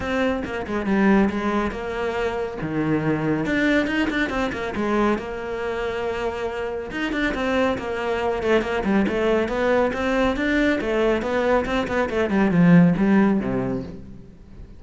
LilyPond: \new Staff \with { instrumentName = "cello" } { \time 4/4 \tempo 4 = 139 c'4 ais8 gis8 g4 gis4 | ais2 dis2 | d'4 dis'8 d'8 c'8 ais8 gis4 | ais1 |
dis'8 d'8 c'4 ais4. a8 | ais8 g8 a4 b4 c'4 | d'4 a4 b4 c'8 b8 | a8 g8 f4 g4 c4 | }